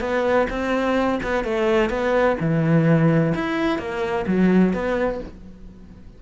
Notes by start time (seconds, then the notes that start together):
0.00 B3
0.49 C4
1.23 B3
1.44 A3
1.90 B3
2.40 E3
3.34 E4
3.78 A#3
4.27 F#3
4.73 B3